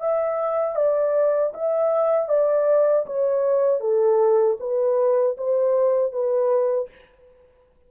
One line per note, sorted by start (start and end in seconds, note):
0.00 0.75 E5
0.75 1.52 D5
1.53 2.28 E5
2.28 3.05 D5
3.06 3.80 C#5
3.80 4.57 A4
4.59 5.36 B4
5.37 6.12 C5
6.12 6.89 B4